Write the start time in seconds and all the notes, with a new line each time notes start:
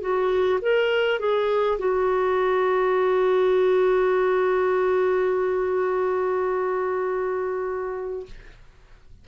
0.00 F#4
0.61 A#4
1.19 G#4
1.78 F#4